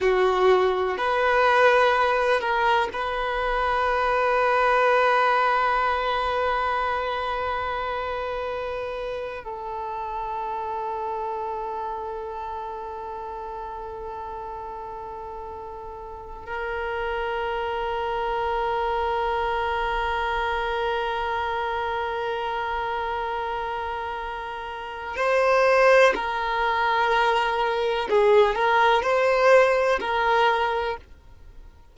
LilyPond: \new Staff \with { instrumentName = "violin" } { \time 4/4 \tempo 4 = 62 fis'4 b'4. ais'8 b'4~ | b'1~ | b'4.~ b'16 a'2~ a'16~ | a'1~ |
a'4 ais'2.~ | ais'1~ | ais'2 c''4 ais'4~ | ais'4 gis'8 ais'8 c''4 ais'4 | }